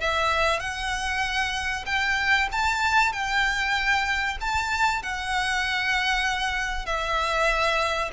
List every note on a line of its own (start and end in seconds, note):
0.00 0.60 E5
0.60 1.85 F#5
1.86 2.48 G5
2.51 3.12 A5
3.12 4.37 G5
4.40 5.02 A5
5.02 6.86 F#5
6.86 8.11 E5